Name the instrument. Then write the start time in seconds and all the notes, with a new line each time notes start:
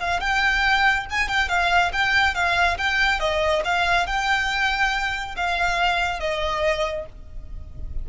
violin
0.00 F5
0.20 G5
1.10 G#5
1.28 G5
1.49 F5
1.93 G5
2.35 F5
2.78 G5
3.20 D#5
3.65 F5
4.07 G5
5.36 F5
6.20 D#5